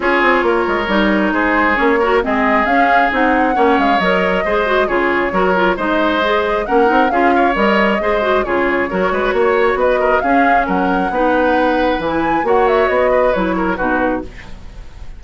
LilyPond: <<
  \new Staff \with { instrumentName = "flute" } { \time 4/4 \tempo 4 = 135 cis''2. c''4 | cis''4 dis''4 f''4 fis''4~ | fis''8 f''8 dis''2 cis''4~ | cis''4 dis''2 fis''4 |
f''4 dis''2 cis''4~ | cis''2 dis''4 f''4 | fis''2. gis''4 | fis''8 e''8 dis''4 cis''4 b'4 | }
  \new Staff \with { instrumentName = "oboe" } { \time 4/4 gis'4 ais'2 gis'4~ | gis'8 ais'8 gis'2. | cis''2 c''4 gis'4 | ais'4 c''2 ais'4 |
gis'8 cis''4. c''4 gis'4 | ais'8 b'8 cis''4 b'8 ais'8 gis'4 | ais'4 b'2. | cis''4. b'4 ais'8 fis'4 | }
  \new Staff \with { instrumentName = "clarinet" } { \time 4/4 f'2 dis'2 | cis'8 fis'8 c'4 cis'4 dis'4 | cis'4 ais'4 gis'8 fis'8 f'4 | fis'8 f'8 dis'4 gis'4 cis'8 dis'8 |
f'4 ais'4 gis'8 fis'8 f'4 | fis'2. cis'4~ | cis'4 dis'2 e'4 | fis'2 e'4 dis'4 | }
  \new Staff \with { instrumentName = "bassoon" } { \time 4/4 cis'8 c'8 ais8 gis8 g4 gis4 | ais4 gis4 cis'4 c'4 | ais8 gis8 fis4 gis4 cis4 | fis4 gis2 ais8 c'8 |
cis'4 g4 gis4 cis4 | fis8 gis8 ais4 b4 cis'4 | fis4 b2 e4 | ais4 b4 fis4 b,4 | }
>>